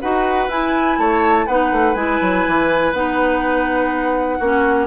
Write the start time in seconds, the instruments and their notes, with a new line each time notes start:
0.00 bassoon D#4, clarinet F#4, oboe B4, flute F#5
0.48 bassoon E4, clarinet E4, flute G#5
0.98 bassoon A3, oboe C#5, flute A5
1.46 bassoon B3, clarinet D#4, oboe B4, flute F#5
1.71 bassoon A3
1.94 bassoon G#3, clarinet E4, flute G#5
2.21 bassoon F#3
2.46 bassoon E3
2.93 bassoon B3, clarinet D#4, flute F#5
4.38 bassoon A#3, clarinet C#4, oboe F#4